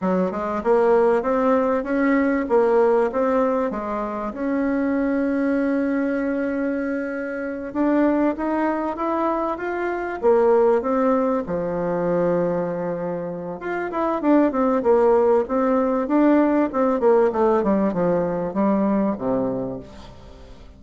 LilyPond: \new Staff \with { instrumentName = "bassoon" } { \time 4/4 \tempo 4 = 97 fis8 gis8 ais4 c'4 cis'4 | ais4 c'4 gis4 cis'4~ | cis'1~ | cis'8 d'4 dis'4 e'4 f'8~ |
f'8 ais4 c'4 f4.~ | f2 f'8 e'8 d'8 c'8 | ais4 c'4 d'4 c'8 ais8 | a8 g8 f4 g4 c4 | }